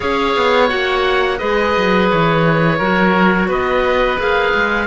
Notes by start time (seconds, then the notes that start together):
0.00 C#4 G#4 C#5 F5
0.36 B3
0.68 A#3 F#4 F#5
1.38 G#3 G#4 B4 D#5
1.77 F#3
2.10 E3 C#5
2.78 F#3 F#4 A#4
3.48 B3 B4 D#5
4.17 A#3 G#4 F5
4.53 G#3